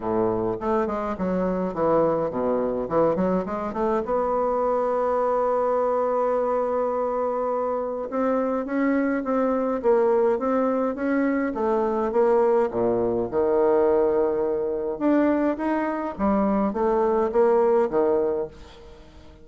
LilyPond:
\new Staff \with { instrumentName = "bassoon" } { \time 4/4 \tempo 4 = 104 a,4 a8 gis8 fis4 e4 | b,4 e8 fis8 gis8 a8 b4~ | b1~ | b2 c'4 cis'4 |
c'4 ais4 c'4 cis'4 | a4 ais4 ais,4 dis4~ | dis2 d'4 dis'4 | g4 a4 ais4 dis4 | }